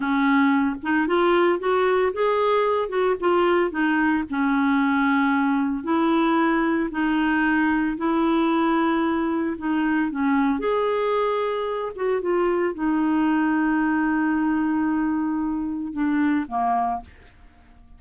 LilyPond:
\new Staff \with { instrumentName = "clarinet" } { \time 4/4 \tempo 4 = 113 cis'4. dis'8 f'4 fis'4 | gis'4. fis'8 f'4 dis'4 | cis'2. e'4~ | e'4 dis'2 e'4~ |
e'2 dis'4 cis'4 | gis'2~ gis'8 fis'8 f'4 | dis'1~ | dis'2 d'4 ais4 | }